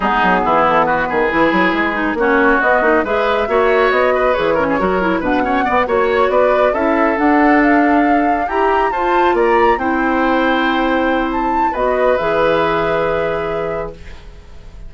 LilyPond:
<<
  \new Staff \with { instrumentName = "flute" } { \time 4/4 \tempo 4 = 138 gis'4. a'8 b'2~ | b'4 cis''4 dis''4 e''4~ | e''4 dis''4 cis''2 | fis''4. cis''4 d''4 e''8~ |
e''8 fis''4 f''2 ais''8~ | ais''8 a''4 ais''4 g''4.~ | g''2 a''4 dis''4 | e''1 | }
  \new Staff \with { instrumentName = "oboe" } { \time 4/4 dis'4 e'4 fis'8 gis'4.~ | gis'4 fis'2 b'4 | cis''4. b'4 ais'16 gis'16 ais'4 | b'8 cis''8 d''8 cis''4 b'4 a'8~ |
a'2.~ a'8 g'8~ | g'8 c''4 d''4 c''4.~ | c''2. b'4~ | b'1 | }
  \new Staff \with { instrumentName = "clarinet" } { \time 4/4 b2. e'4~ | e'8 dis'8 cis'4 b8 dis'8 gis'4 | fis'2 gis'8 cis'8 fis'8 e'8 | d'8 cis'8 b8 fis'2 e'8~ |
e'8 d'2. g'8~ | g'8 f'2 e'4.~ | e'2. fis'4 | gis'1 | }
  \new Staff \with { instrumentName = "bassoon" } { \time 4/4 gis8 fis8 e4. dis8 e8 fis8 | gis4 ais4 b8 ais8 gis4 | ais4 b4 e4 fis4 | b,4 b8 ais4 b4 cis'8~ |
cis'8 d'2. e'8~ | e'8 f'4 ais4 c'4.~ | c'2. b4 | e1 | }
>>